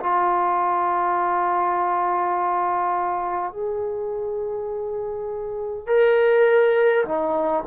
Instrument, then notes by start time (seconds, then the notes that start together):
trombone
0.00 F4
3.52 G#4
5.87 A#4
7.05 D#4